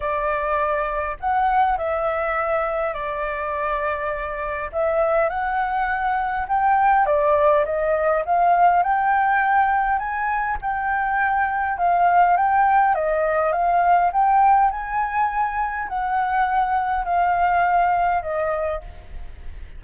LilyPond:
\new Staff \with { instrumentName = "flute" } { \time 4/4 \tempo 4 = 102 d''2 fis''4 e''4~ | e''4 d''2. | e''4 fis''2 g''4 | d''4 dis''4 f''4 g''4~ |
g''4 gis''4 g''2 | f''4 g''4 dis''4 f''4 | g''4 gis''2 fis''4~ | fis''4 f''2 dis''4 | }